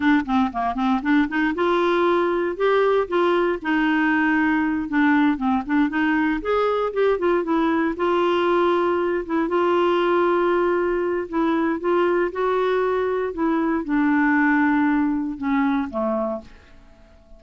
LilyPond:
\new Staff \with { instrumentName = "clarinet" } { \time 4/4 \tempo 4 = 117 d'8 c'8 ais8 c'8 d'8 dis'8 f'4~ | f'4 g'4 f'4 dis'4~ | dis'4. d'4 c'8 d'8 dis'8~ | dis'8 gis'4 g'8 f'8 e'4 f'8~ |
f'2 e'8 f'4.~ | f'2 e'4 f'4 | fis'2 e'4 d'4~ | d'2 cis'4 a4 | }